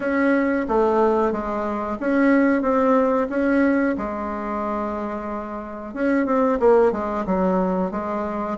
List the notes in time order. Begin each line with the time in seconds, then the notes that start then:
0.00 C#4
0.68 A3
1.32 G#3
1.99 C#4
2.61 C4
3.29 C#4
3.97 G#3
5.94 C#4
6.25 C4
6.59 A#3
6.91 G#3
7.25 F#3
7.91 G#3